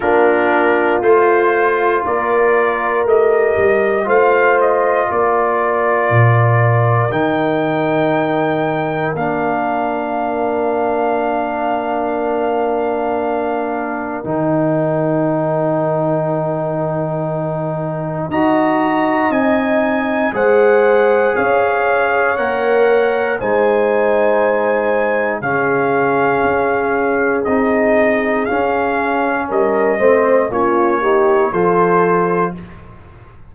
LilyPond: <<
  \new Staff \with { instrumentName = "trumpet" } { \time 4/4 \tempo 4 = 59 ais'4 c''4 d''4 dis''4 | f''8 dis''8 d''2 g''4~ | g''4 f''2.~ | f''2 g''2~ |
g''2 ais''4 gis''4 | fis''4 f''4 fis''4 gis''4~ | gis''4 f''2 dis''4 | f''4 dis''4 cis''4 c''4 | }
  \new Staff \with { instrumentName = "horn" } { \time 4/4 f'2 ais'2 | c''4 ais'2.~ | ais'1~ | ais'1~ |
ais'2 dis''2 | c''4 cis''2 c''4~ | c''4 gis'2.~ | gis'4 ais'8 c''8 f'8 g'8 a'4 | }
  \new Staff \with { instrumentName = "trombone" } { \time 4/4 d'4 f'2 g'4 | f'2. dis'4~ | dis'4 d'2.~ | d'2 dis'2~ |
dis'2 fis'4 dis'4 | gis'2 ais'4 dis'4~ | dis'4 cis'2 dis'4 | cis'4. c'8 cis'8 dis'8 f'4 | }
  \new Staff \with { instrumentName = "tuba" } { \time 4/4 ais4 a4 ais4 a8 g8 | a4 ais4 ais,4 dis4~ | dis4 ais2.~ | ais2 dis2~ |
dis2 dis'4 c'4 | gis4 cis'4 ais4 gis4~ | gis4 cis4 cis'4 c'4 | cis'4 g8 a8 ais4 f4 | }
>>